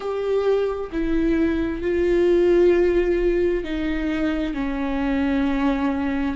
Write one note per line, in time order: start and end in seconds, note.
0.00 0.90 G4
0.91 1.82 E4
1.82 3.64 F4
3.64 4.54 D#4
4.54 6.36 C#4